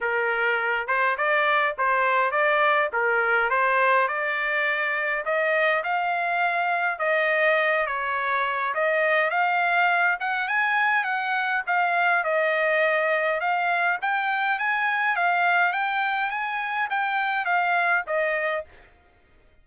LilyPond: \new Staff \with { instrumentName = "trumpet" } { \time 4/4 \tempo 4 = 103 ais'4. c''8 d''4 c''4 | d''4 ais'4 c''4 d''4~ | d''4 dis''4 f''2 | dis''4. cis''4. dis''4 |
f''4. fis''8 gis''4 fis''4 | f''4 dis''2 f''4 | g''4 gis''4 f''4 g''4 | gis''4 g''4 f''4 dis''4 | }